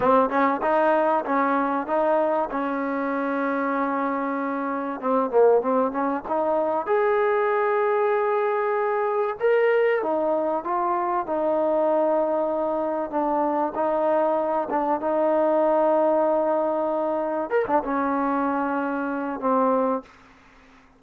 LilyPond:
\new Staff \with { instrumentName = "trombone" } { \time 4/4 \tempo 4 = 96 c'8 cis'8 dis'4 cis'4 dis'4 | cis'1 | c'8 ais8 c'8 cis'8 dis'4 gis'4~ | gis'2. ais'4 |
dis'4 f'4 dis'2~ | dis'4 d'4 dis'4. d'8 | dis'1 | ais'16 d'16 cis'2~ cis'8 c'4 | }